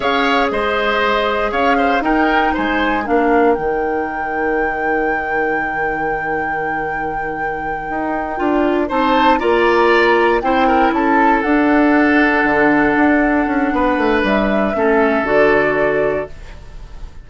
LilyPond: <<
  \new Staff \with { instrumentName = "flute" } { \time 4/4 \tempo 4 = 118 f''4 dis''2 f''4 | g''4 gis''4 f''4 g''4~ | g''1~ | g''1~ |
g''4. a''4 ais''4.~ | ais''8 g''4 a''4 fis''4.~ | fis''1 | e''2 d''2 | }
  \new Staff \with { instrumentName = "oboe" } { \time 4/4 cis''4 c''2 cis''8 c''8 | ais'4 c''4 ais'2~ | ais'1~ | ais'1~ |
ais'4. c''4 d''4.~ | d''8 c''8 ais'8 a'2~ a'8~ | a'2. b'4~ | b'4 a'2. | }
  \new Staff \with { instrumentName = "clarinet" } { \time 4/4 gis'1 | dis'2 d'4 dis'4~ | dis'1~ | dis'1~ |
dis'8 f'4 dis'4 f'4.~ | f'8 e'2 d'4.~ | d'1~ | d'4 cis'4 fis'2 | }
  \new Staff \with { instrumentName = "bassoon" } { \time 4/4 cis'4 gis2 cis'4 | dis'4 gis4 ais4 dis4~ | dis1~ | dis2.~ dis8 dis'8~ |
dis'8 d'4 c'4 ais4.~ | ais8 c'4 cis'4 d'4.~ | d'8 d4 d'4 cis'8 b8 a8 | g4 a4 d2 | }
>>